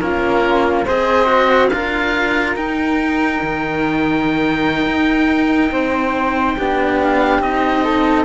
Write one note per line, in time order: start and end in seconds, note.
0.00 0.86 A#3
0.00 0.85 C#4
0.00 0.85 F4
0.00 0.85 A#4
0.85 1.71 C4
0.85 1.26 G#4
0.85 1.70 C5
0.85 1.68 D#5
1.26 1.68 F#4
1.68 2.55 D4
1.68 2.56 F4
1.68 5.72 A#4
1.68 2.53 F5
2.56 6.57 D#4
2.56 3.41 D#4
2.56 7.00 G5
3.42 4.86 D#3
4.86 5.71 D#4
5.71 6.56 C4
5.71 6.56 C5
6.57 7.39 B3
6.57 7.42 D4
6.57 7.83 G4
7.02 7.41 F5
7.39 8.24 C4
7.39 8.25 D#4
7.39 8.25 D#5
7.84 8.25 A4